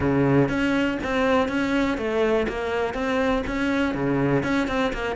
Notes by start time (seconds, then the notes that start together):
0.00 C#3
0.49 C#4
1.03 C4
1.48 C#4
1.97 A3
2.48 A#3
2.94 C4
3.46 C#4
3.94 C#3
4.43 C#4
4.67 C4
4.93 A#3